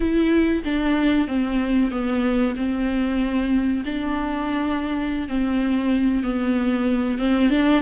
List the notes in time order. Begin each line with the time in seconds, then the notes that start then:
0.00 E4
0.64 D4
1.27 C4
1.91 B3
2.56 C4
3.85 D4
5.28 C4
6.23 B3
7.18 C4
7.50 D4